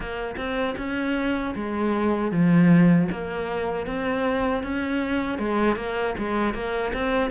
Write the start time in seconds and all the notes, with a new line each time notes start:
0.00 A#3
0.36 C4
0.77 C#4
1.55 G#3
2.31 F3
3.11 A#3
3.86 C4
4.63 C#4
5.38 G#3
5.76 A#3
6.17 G#3
6.54 A#3
6.93 C4